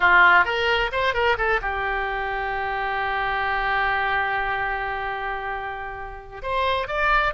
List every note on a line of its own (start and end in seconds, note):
0.00 0.45 F4
0.45 0.90 A#4
0.92 1.13 C5
1.13 1.36 A#4
1.37 1.60 A4
1.61 6.42 G4
6.42 6.87 C5
6.87 7.33 D5